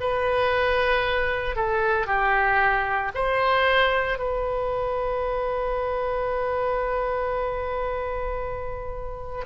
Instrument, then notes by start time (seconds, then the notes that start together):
oboe
0.00 B4
1.56 A4
2.06 G4
3.14 C5
4.18 B4